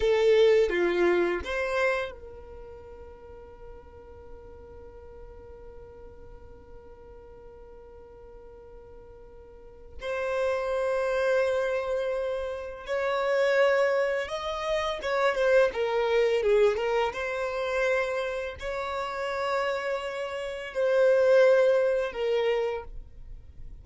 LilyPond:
\new Staff \with { instrumentName = "violin" } { \time 4/4 \tempo 4 = 84 a'4 f'4 c''4 ais'4~ | ais'1~ | ais'1~ | ais'2 c''2~ |
c''2 cis''2 | dis''4 cis''8 c''8 ais'4 gis'8 ais'8 | c''2 cis''2~ | cis''4 c''2 ais'4 | }